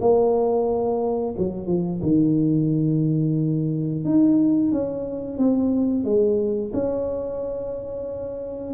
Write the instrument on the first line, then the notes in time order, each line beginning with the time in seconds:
tuba
0.00 A#3
1.37 F#3
1.66 F3
2.02 D#3
4.04 D#4
4.72 C#4
5.37 C4
6.04 G#3
6.73 C#4